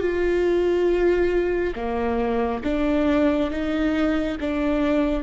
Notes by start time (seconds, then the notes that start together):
0.00 F4
1.75 A#3
2.64 D4
3.50 D#4
4.40 D4